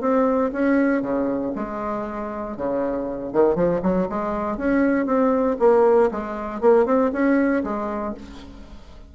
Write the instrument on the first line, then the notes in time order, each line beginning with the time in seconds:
bassoon
0.00 C4
0.52 C#4
1.02 C#3
1.55 G#3
2.56 C#3
3.32 D#3
3.55 F3
3.82 F#3
4.09 G#3
4.57 C#4
5.06 C4
5.59 A#3
6.11 G#3
6.61 A#3
6.85 C4
7.12 C#4
7.63 G#3